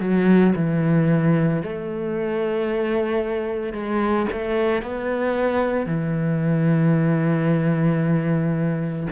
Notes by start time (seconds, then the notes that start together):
0.00 F#3
0.55 E3
1.62 A3
3.73 G#3
4.31 A3
4.82 B3
5.86 E3